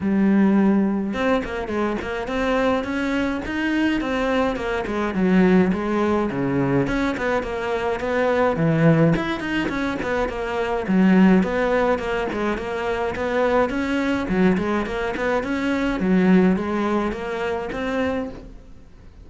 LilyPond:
\new Staff \with { instrumentName = "cello" } { \time 4/4 \tempo 4 = 105 g2 c'8 ais8 gis8 ais8 | c'4 cis'4 dis'4 c'4 | ais8 gis8 fis4 gis4 cis4 | cis'8 b8 ais4 b4 e4 |
e'8 dis'8 cis'8 b8 ais4 fis4 | b4 ais8 gis8 ais4 b4 | cis'4 fis8 gis8 ais8 b8 cis'4 | fis4 gis4 ais4 c'4 | }